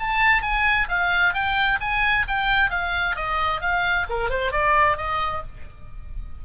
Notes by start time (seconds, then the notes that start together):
0.00 A5
0.43 G#5
0.89 F5
1.34 G5
1.81 G#5
2.28 G5
2.71 F5
3.16 D#5
3.61 F5
4.10 A#4
4.30 C5
4.52 D5
4.98 D#5